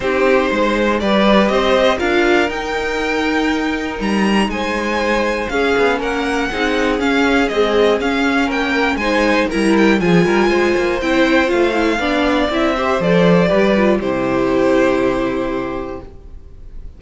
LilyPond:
<<
  \new Staff \with { instrumentName = "violin" } { \time 4/4 \tempo 4 = 120 c''2 d''4 dis''4 | f''4 g''2. | ais''4 gis''2 f''4 | fis''2 f''4 dis''4 |
f''4 g''4 gis''4 ais''8 g''8 | gis''2 g''4 f''4~ | f''4 e''4 d''2 | c''1 | }
  \new Staff \with { instrumentName = "violin" } { \time 4/4 g'4 c''4 b'4 c''4 | ais'1~ | ais'4 c''2 gis'4 | ais'4 gis'2.~ |
gis'4 ais'4 c''4 ais'4 | gis'8 ais'8 c''2. | d''4. c''4. b'4 | g'1 | }
  \new Staff \with { instrumentName = "viola" } { \time 4/4 dis'2 g'2 | f'4 dis'2.~ | dis'2. cis'4~ | cis'4 dis'4 cis'4 gis4 |
cis'2 dis'4 e'4 | f'2 e'4 f'8 e'8 | d'4 e'8 g'8 a'4 g'8 f'8 | e'1 | }
  \new Staff \with { instrumentName = "cello" } { \time 4/4 c'4 gis4 g4 c'4 | d'4 dis'2. | g4 gis2 cis'8 b8 | ais4 c'4 cis'4 c'4 |
cis'4 ais4 gis4 g4 | f8 g8 gis8 ais8 c'4 a4 | b4 c'4 f4 g4 | c1 | }
>>